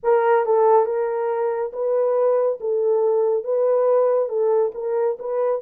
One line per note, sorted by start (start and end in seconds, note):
0.03 0.45 A#4
0.45 0.85 A4
0.85 1.71 A#4
1.72 2.59 B4
2.60 3.44 A4
3.44 4.29 B4
4.29 4.72 A4
4.74 5.17 A#4
5.19 5.61 B4